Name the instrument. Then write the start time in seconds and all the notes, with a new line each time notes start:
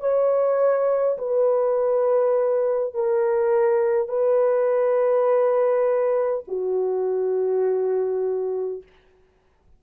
horn
0.00 C#5
1.18 B4
2.94 A#4
4.09 B4
6.48 F#4